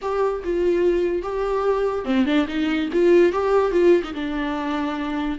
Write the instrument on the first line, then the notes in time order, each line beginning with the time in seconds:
viola
0.01 G4
0.43 F4
1.22 G4
2.05 C4
2.25 D4
2.47 D#4
2.92 F4
3.32 G4
3.71 F4
4.03 D#4
4.14 D4